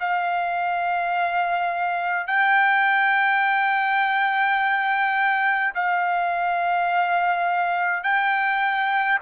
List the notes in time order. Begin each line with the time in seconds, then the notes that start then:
0.00 F5
2.27 G5
5.75 F5
8.03 G5